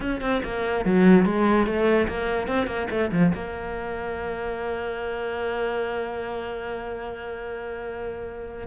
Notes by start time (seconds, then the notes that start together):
0.00 C#4
0.21 C4
0.44 A#3
0.85 F#3
1.25 G#3
1.66 A3
2.08 A#3
2.47 C4
2.66 A#3
2.90 A3
3.12 F3
3.34 A#3